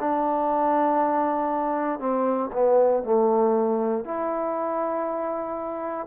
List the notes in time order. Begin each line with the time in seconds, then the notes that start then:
0.00 D4
2.00 C4
2.53 B3
3.04 A3
4.05 E4